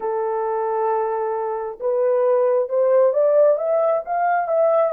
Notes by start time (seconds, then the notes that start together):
0.00 A4
1.80 B4
2.69 C5
3.13 D5
3.57 E5
4.05 F5
4.48 E5